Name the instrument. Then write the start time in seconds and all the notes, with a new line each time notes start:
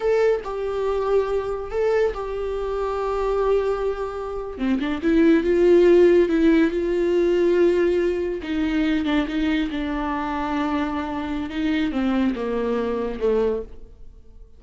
viola
0.00 A4
0.44 G4
1.71 A4
2.14 G4
4.58 C4
4.79 D4
5.02 E4
5.43 F4
6.28 E4
6.70 F4
8.42 D#4
9.05 D4
9.27 D#4
9.70 D4
11.50 D#4
11.91 C4
12.35 A#3
13.19 A3